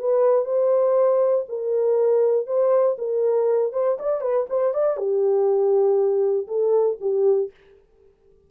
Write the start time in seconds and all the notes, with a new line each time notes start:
0.00 B4
0.45 C5
1.49 A#4
2.47 C5
2.99 A#4
3.73 C5
3.99 D5
4.22 B4
4.50 C5
4.74 D5
4.97 G4
6.48 A4
7.01 G4